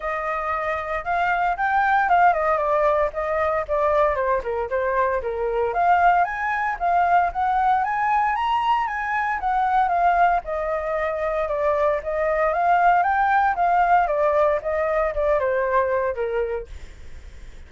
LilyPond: \new Staff \with { instrumentName = "flute" } { \time 4/4 \tempo 4 = 115 dis''2 f''4 g''4 | f''8 dis''8 d''4 dis''4 d''4 | c''8 ais'8 c''4 ais'4 f''4 | gis''4 f''4 fis''4 gis''4 |
ais''4 gis''4 fis''4 f''4 | dis''2 d''4 dis''4 | f''4 g''4 f''4 d''4 | dis''4 d''8 c''4. ais'4 | }